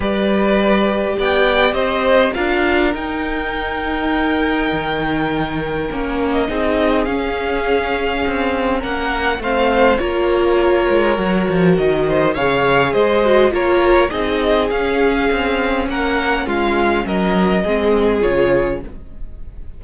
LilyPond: <<
  \new Staff \with { instrumentName = "violin" } { \time 4/4 \tempo 4 = 102 d''2 g''4 dis''4 | f''4 g''2.~ | g''2~ g''8. dis''4~ dis''16 | f''2. fis''4 |
f''4 cis''2. | dis''4 f''4 dis''4 cis''4 | dis''4 f''2 fis''4 | f''4 dis''2 cis''4 | }
  \new Staff \with { instrumentName = "violin" } { \time 4/4 b'2 d''4 c''4 | ais'1~ | ais'2. gis'4~ | gis'2. ais'4 |
c''4 ais'2.~ | ais'8 c''8 cis''4 c''4 ais'4 | gis'2. ais'4 | f'4 ais'4 gis'2 | }
  \new Staff \with { instrumentName = "viola" } { \time 4/4 g'1 | f'4 dis'2.~ | dis'2 cis'4 dis'4 | cis'1 |
c'4 f'2 fis'4~ | fis'4 gis'4. fis'8 f'4 | dis'4 cis'2.~ | cis'2 c'4 f'4 | }
  \new Staff \with { instrumentName = "cello" } { \time 4/4 g2 b4 c'4 | d'4 dis'2. | dis2 ais4 c'4 | cis'2 c'4 ais4 |
a4 ais4. gis8 fis8 f8 | dis4 cis4 gis4 ais4 | c'4 cis'4 c'4 ais4 | gis4 fis4 gis4 cis4 | }
>>